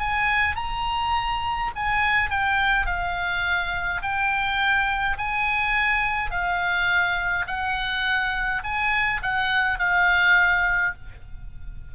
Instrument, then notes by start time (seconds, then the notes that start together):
oboe
0.00 G#5
0.56 A#5
1.76 G#5
2.30 G5
2.86 F5
4.02 G5
5.18 G#5
6.31 F5
7.47 F#5
8.64 G#5
9.23 F#5
9.79 F5